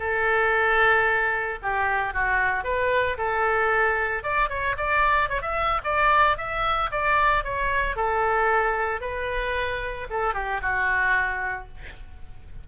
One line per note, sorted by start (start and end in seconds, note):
0.00 1.59 A4
1.63 2.14 G4
2.14 2.65 F#4
2.65 3.18 B4
3.18 4.24 A4
4.24 4.50 D5
4.50 4.76 C#5
4.78 5.30 D5
5.30 5.42 C#5
5.42 5.82 E5
5.85 6.38 D5
6.38 6.91 E5
6.91 7.45 D5
7.45 7.96 C#5
7.96 9.01 A4
9.01 10.07 B4
10.10 10.34 A4
10.34 10.61 G4
10.62 11.68 F#4